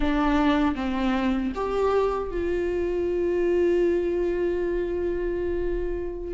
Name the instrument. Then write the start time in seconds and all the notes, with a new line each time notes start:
viola
0.00 D4
0.75 C4
1.54 G4
2.30 F4